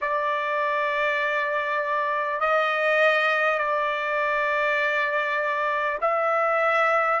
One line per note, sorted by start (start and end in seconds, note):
0.01 2.40 D5
2.40 3.58 D#5
3.58 5.98 D5
6.01 7.20 E5